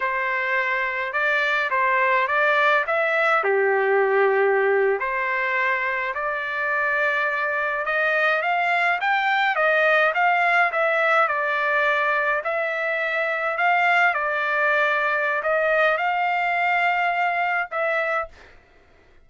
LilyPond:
\new Staff \with { instrumentName = "trumpet" } { \time 4/4 \tempo 4 = 105 c''2 d''4 c''4 | d''4 e''4 g'2~ | g'8. c''2 d''4~ d''16~ | d''4.~ d''16 dis''4 f''4 g''16~ |
g''8. dis''4 f''4 e''4 d''16~ | d''4.~ d''16 e''2 f''16~ | f''8. d''2~ d''16 dis''4 | f''2. e''4 | }